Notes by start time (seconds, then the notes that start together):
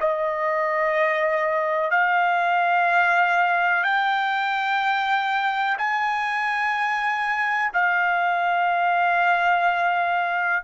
0.00 D#5
1.90 F5
3.83 G5
5.78 G#5
7.72 F5